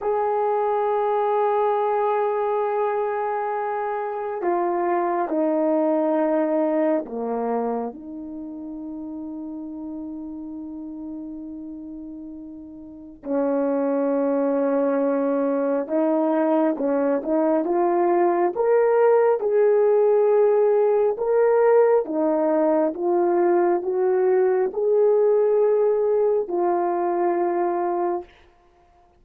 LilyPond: \new Staff \with { instrumentName = "horn" } { \time 4/4 \tempo 4 = 68 gis'1~ | gis'4 f'4 dis'2 | ais4 dis'2.~ | dis'2. cis'4~ |
cis'2 dis'4 cis'8 dis'8 | f'4 ais'4 gis'2 | ais'4 dis'4 f'4 fis'4 | gis'2 f'2 | }